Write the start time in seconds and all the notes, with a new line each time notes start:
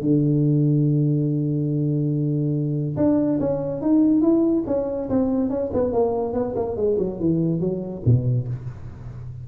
0.00 D3
2.96 D4
3.39 C#4
3.81 D#4
4.21 E4
4.66 C#4
5.09 C4
5.49 C#4
5.73 B3
5.92 A#3
6.33 B3
6.55 A#3
6.76 G#3
6.98 F#3
7.19 E3
7.60 F#3
8.05 B2